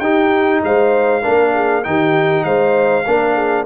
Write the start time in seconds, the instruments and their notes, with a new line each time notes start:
0.00 tuba D#4, trombone D#4, horn G4, trumpet G5
0.64 tuba G#3, horn C5, trumpet F5
1.22 tuba A#3, trombone D4, horn A#4
1.55 horn G#4
1.83 tuba D#3, trombone D#4, horn G4, trumpet G5
2.44 tuba G#3, horn C5, trumpet F5
3.06 tuba A#3, trombone D4, horn A#4
3.34 horn G#4